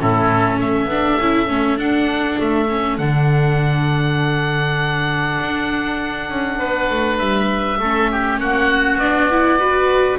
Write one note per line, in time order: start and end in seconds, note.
0.00 0.57 A2
0.00 0.90 C#4
0.00 0.61 E4
0.00 0.61 A4
0.57 0.86 A3
0.57 6.59 A4
0.57 1.79 E5
0.86 1.16 B3
0.86 1.21 D4
1.19 1.49 C#4
1.19 1.48 E4
1.48 1.77 A3
1.48 1.77 C#4
1.77 2.37 D4
1.77 2.67 D4
1.77 2.39 F#5
2.40 2.99 A3
2.40 2.98 E5
2.69 3.00 C#4
2.98 5.39 D3
2.98 7.82 D4
2.98 7.18 F#5
5.40 6.30 D4
6.30 6.60 C#4
6.59 6.90 B3
6.59 7.79 B4
6.90 7.20 A3
7.19 7.80 G3
7.19 8.38 E5
7.80 8.40 A3
7.80 9.02 C#4
7.80 8.11 A4
8.12 8.41 G4
8.40 8.96 A#3
8.40 9.59 F#4
8.40 8.99 F#5
8.96 10.16 B3
8.96 9.31 D4
8.96 10.19 D5
9.31 9.60 E4
9.59 10.19 F#4
9.59 10.19 B4